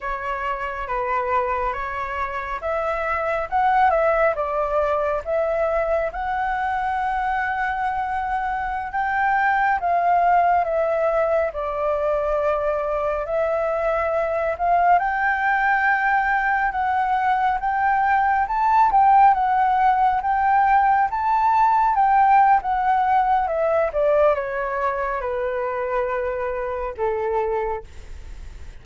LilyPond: \new Staff \with { instrumentName = "flute" } { \time 4/4 \tempo 4 = 69 cis''4 b'4 cis''4 e''4 | fis''8 e''8 d''4 e''4 fis''4~ | fis''2~ fis''16 g''4 f''8.~ | f''16 e''4 d''2 e''8.~ |
e''8. f''8 g''2 fis''8.~ | fis''16 g''4 a''8 g''8 fis''4 g''8.~ | g''16 a''4 g''8. fis''4 e''8 d''8 | cis''4 b'2 a'4 | }